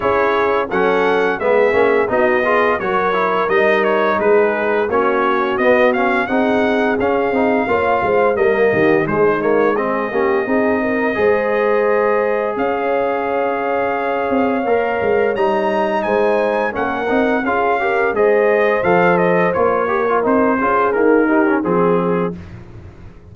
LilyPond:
<<
  \new Staff \with { instrumentName = "trumpet" } { \time 4/4 \tempo 4 = 86 cis''4 fis''4 e''4 dis''4 | cis''4 dis''8 cis''8 b'4 cis''4 | dis''8 f''8 fis''4 f''2 | dis''4 c''8 cis''8 dis''2~ |
dis''2 f''2~ | f''2 ais''4 gis''4 | fis''4 f''4 dis''4 f''8 dis''8 | cis''4 c''4 ais'4 gis'4 | }
  \new Staff \with { instrumentName = "horn" } { \time 4/4 gis'4 a'4 gis'4 fis'8 gis'8 | ais'2 gis'4 fis'4~ | fis'4 gis'2 cis''8 c''8 | ais'8 g'8 dis'4 gis'8 g'8 gis'8 ais'8 |
c''2 cis''2~ | cis''2. c''4 | ais'4 gis'8 ais'8 c''2~ | c''8 ais'4 gis'4 g'8 gis'4 | }
  \new Staff \with { instrumentName = "trombone" } { \time 4/4 e'4 cis'4 b8 cis'8 dis'8 f'8 | fis'8 e'8 dis'2 cis'4 | b8 cis'8 dis'4 cis'8 dis'8 f'4 | ais4 gis8 ais8 c'8 cis'8 dis'4 |
gis'1~ | gis'4 ais'4 dis'2 | cis'8 dis'8 f'8 g'8 gis'4 a'4 | f'8 g'16 f'16 dis'8 f'8 ais8 dis'16 cis'16 c'4 | }
  \new Staff \with { instrumentName = "tuba" } { \time 4/4 cis'4 fis4 gis8 ais8 b4 | fis4 g4 gis4 ais4 | b4 c'4 cis'8 c'8 ais8 gis8 | g8 dis8 gis4. ais8 c'4 |
gis2 cis'2~ | cis'8 c'8 ais8 gis8 g4 gis4 | ais8 c'8 cis'4 gis4 f4 | ais4 c'8 cis'8 dis'4 f4 | }
>>